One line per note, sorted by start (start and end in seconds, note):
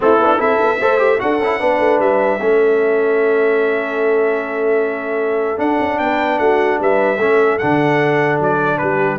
0.00 0.18 A3
0.00 0.18 C4
0.00 0.39 E4
0.00 0.40 A4
0.18 0.38 B3
0.24 0.37 D4
0.37 0.59 C4
0.37 0.77 E4
0.37 0.79 A4
0.37 1.20 E5
0.59 0.79 B3
0.80 1.20 A3
0.80 0.97 A4
0.80 1.20 C5
0.97 1.17 G4
1.19 1.39 D4
1.19 1.39 F#4
1.19 1.60 A4
1.19 2.00 F#5
1.39 1.59 C#4
1.39 1.59 E4
1.59 1.79 B3
1.59 2.39 D4
1.59 2.40 B4
1.79 1.99 A3
1.99 2.39 G3
1.99 5.59 E5
2.41 5.58 A3
2.41 5.56 C#4
2.41 6.02 A4
5.56 7.16 D4
5.56 5.78 D4
5.56 5.98 F#5
5.79 5.99 C#4
5.98 6.38 B3
5.98 6.40 B4
5.98 6.38 G5
6.38 6.78 A3
6.38 6.79 F#4
6.38 6.79 F#5
6.79 7.17 G3
6.79 7.19 B4
6.79 7.58 E5
7.17 7.57 A3
7.17 7.60 C#4
7.17 8.79 A4
7.58 8.39 D3
7.58 9.18 D4
7.58 8.38 F#5
8.39 8.79 F#3
8.39 8.78 D5
8.78 9.18 G3
8.78 9.18 G4
8.78 9.18 B4